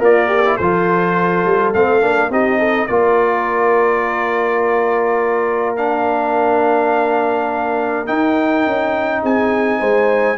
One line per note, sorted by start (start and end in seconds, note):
0.00 0.59 A#3
0.00 0.28 F4
0.00 0.43 A#4
0.00 0.57 D5
0.28 0.56 G4
0.46 0.60 E4
0.56 1.45 F3
0.56 1.75 F4
0.56 2.30 A4
0.56 1.72 C5
1.45 1.74 G3
1.74 2.02 A3
1.74 2.01 C4
1.74 2.32 F5
2.01 2.30 A#3
2.01 2.30 D4
2.30 2.88 C4
2.30 2.90 D#4
2.30 2.59 G4
2.30 2.87 D#5
2.59 2.88 A4
2.87 8.09 A#3
2.87 5.78 F4
2.87 9.23 A#4
2.87 5.76 D5
5.77 8.06 D4
5.77 8.07 F5
8.06 10.37 D#4
8.06 8.66 D#4
8.06 9.22 G5
8.66 9.23 C#4
9.23 9.81 C4
9.23 9.80 G#4
9.23 10.38 G#5
9.80 10.38 G#3
9.80 10.38 C5